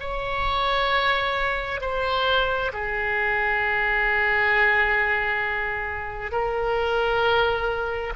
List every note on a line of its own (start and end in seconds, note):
0.00 1.81 C#5
1.81 2.71 C5
2.73 6.31 G#4
6.31 8.13 A#4